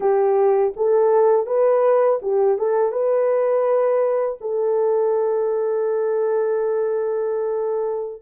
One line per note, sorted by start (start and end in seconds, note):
0.00 0.73 G4
0.76 1.46 A4
1.46 2.19 B4
2.22 2.58 G4
2.58 2.92 A4
2.92 4.38 B4
4.40 8.22 A4